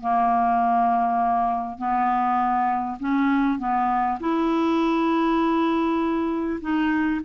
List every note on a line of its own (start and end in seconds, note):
0.00 1.78 A#3
1.78 2.98 B3
2.99 3.58 C#4
3.58 4.18 B3
4.20 6.60 E4
6.60 7.20 D#4